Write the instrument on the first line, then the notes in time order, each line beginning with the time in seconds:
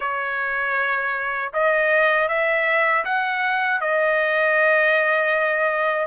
trumpet
0.00 C#5
1.53 D#5
2.28 E5
3.04 F#5
3.80 D#5